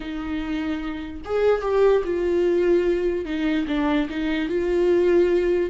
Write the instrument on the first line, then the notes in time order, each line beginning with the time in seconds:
viola
0.00 D#4
1.24 G#4
1.61 G4
2.04 F4
3.25 D#4
3.67 D4
4.09 D#4
4.48 F4